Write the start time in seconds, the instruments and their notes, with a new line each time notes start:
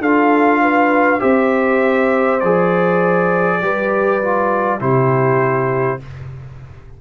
0.00 tuba D4, trombone F4, horn A4, trumpet F5
0.61 horn B4
1.20 tuba C4, trombone G4, horn C5, trumpet E5
2.40 tuba F3, trombone G#4, trumpet D5
3.62 tuba G3, trombone G4, horn B4
4.22 trombone F4
4.79 tuba C3, trombone E4, horn G4, trumpet C5